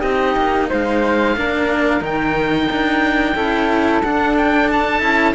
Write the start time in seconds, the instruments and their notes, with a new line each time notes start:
0.00 cello C4 D#4, flute G4, oboe D#5
0.36 cello A#3
0.69 cello G#3, flute C5, oboe F5
1.36 cello A#3 D4, flute A#4
2.00 cello D#3 D#4, oboe G5
2.71 cello D4
3.35 cello C#4 E4, flute A4
4.02 cello D4, oboe F#5
4.37 oboe G5
4.70 oboe A5
5.00 cello C#4 E4